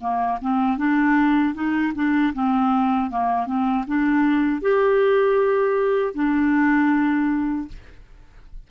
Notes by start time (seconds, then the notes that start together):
0.00 A#3
0.41 C4
0.77 D4
1.54 D#4
1.94 D4
2.34 C4
3.10 A#3
3.46 C4
3.87 D4
4.61 G4
6.14 D4